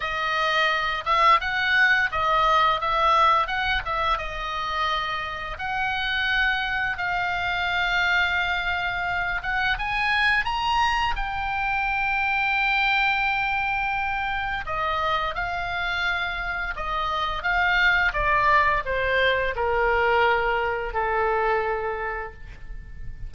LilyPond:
\new Staff \with { instrumentName = "oboe" } { \time 4/4 \tempo 4 = 86 dis''4. e''8 fis''4 dis''4 | e''4 fis''8 e''8 dis''2 | fis''2 f''2~ | f''4. fis''8 gis''4 ais''4 |
g''1~ | g''4 dis''4 f''2 | dis''4 f''4 d''4 c''4 | ais'2 a'2 | }